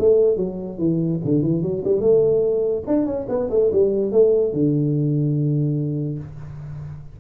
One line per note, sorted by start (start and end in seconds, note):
0.00 0.37 A3
0.37 0.79 F#3
0.79 1.20 E3
1.25 1.43 D3
1.43 1.63 E3
1.63 1.84 F#3
1.85 2.01 G3
2.01 2.84 A3
2.87 3.06 D4
3.06 3.27 C#4
3.29 3.50 B3
3.51 3.71 A3
3.73 4.12 G3
4.12 4.53 A3
4.53 6.19 D3